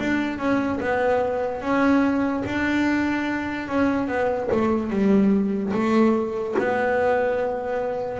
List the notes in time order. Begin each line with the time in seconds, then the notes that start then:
0.00 D4
0.39 C#4
0.81 B3
1.62 C#4
2.46 D4
3.69 C#4
4.08 B3
4.52 A3
4.91 G3
5.74 A3
6.59 B3